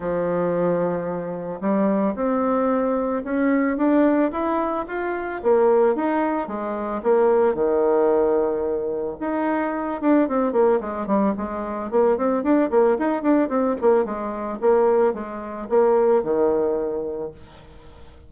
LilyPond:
\new Staff \with { instrumentName = "bassoon" } { \time 4/4 \tempo 4 = 111 f2. g4 | c'2 cis'4 d'4 | e'4 f'4 ais4 dis'4 | gis4 ais4 dis2~ |
dis4 dis'4. d'8 c'8 ais8 | gis8 g8 gis4 ais8 c'8 d'8 ais8 | dis'8 d'8 c'8 ais8 gis4 ais4 | gis4 ais4 dis2 | }